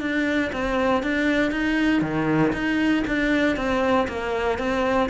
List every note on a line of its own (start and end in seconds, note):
0.00 0.51 D4
0.52 1.02 C4
1.02 1.51 D4
1.51 2.01 D#4
2.01 2.52 D#3
2.52 3.03 D#4
3.07 3.56 D4
3.56 4.07 C4
4.07 4.58 A#3
4.58 5.09 C4